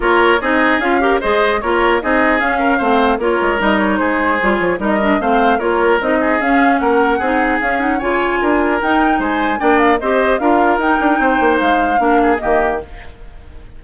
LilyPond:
<<
  \new Staff \with { instrumentName = "flute" } { \time 4/4 \tempo 4 = 150 cis''4 dis''4 f''4 dis''4 | cis''4 dis''4 f''2 | cis''4 dis''8 cis''8 c''4. cis''8 | dis''4 f''4 cis''4 dis''4 |
f''4 fis''2 f''8 fis''8 | gis''2 g''4 gis''4 | g''8 f''8 dis''4 f''4 g''4~ | g''4 f''2 dis''4 | }
  \new Staff \with { instrumentName = "oboe" } { \time 4/4 ais'4 gis'4. ais'8 c''4 | ais'4 gis'4. ais'8 c''4 | ais'2 gis'2 | ais'4 c''4 ais'4. gis'8~ |
gis'4 ais'4 gis'2 | cis''4 ais'2 c''4 | d''4 c''4 ais'2 | c''2 ais'8 gis'8 g'4 | }
  \new Staff \with { instrumentName = "clarinet" } { \time 4/4 f'4 dis'4 f'8 g'8 gis'4 | f'4 dis'4 cis'4 c'4 | f'4 dis'2 f'4 | dis'8 d'8 c'4 f'4 dis'4 |
cis'2 dis'4 cis'8 dis'8 | f'2 dis'2 | d'4 g'4 f'4 dis'4~ | dis'2 d'4 ais4 | }
  \new Staff \with { instrumentName = "bassoon" } { \time 4/4 ais4 c'4 cis'4 gis4 | ais4 c'4 cis'4 a4 | ais8 gis8 g4 gis4 g8 f8 | g4 a4 ais4 c'4 |
cis'4 ais4 c'4 cis'4 | cis4 d'4 dis'4 gis4 | ais4 c'4 d'4 dis'8 d'8 | c'8 ais8 gis4 ais4 dis4 | }
>>